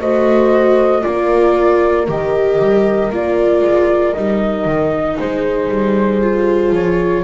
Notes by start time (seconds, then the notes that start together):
0.00 A3 F#4 C5 D#5
1.02 A#3 F4 A#4 D5
2.08 D#3 G4 D#5
2.59 G3
3.10 A#3 F4 D5
3.61 G#3
4.13 G3 D#4 D#5
4.65 D#3
5.18 G#3 G#4 C5
5.68 G3
6.21 F4
6.71 F3 C#5